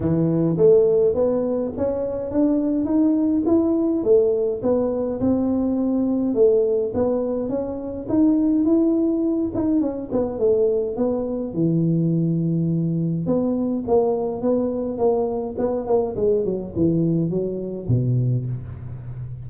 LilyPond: \new Staff \with { instrumentName = "tuba" } { \time 4/4 \tempo 4 = 104 e4 a4 b4 cis'4 | d'4 dis'4 e'4 a4 | b4 c'2 a4 | b4 cis'4 dis'4 e'4~ |
e'8 dis'8 cis'8 b8 a4 b4 | e2. b4 | ais4 b4 ais4 b8 ais8 | gis8 fis8 e4 fis4 b,4 | }